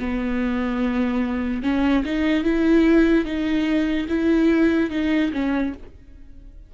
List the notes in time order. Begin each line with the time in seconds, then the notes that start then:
0.00 B3
1.63 C#4
2.05 D#4
2.44 E4
3.25 D#4
4.09 E4
4.91 D#4
5.33 C#4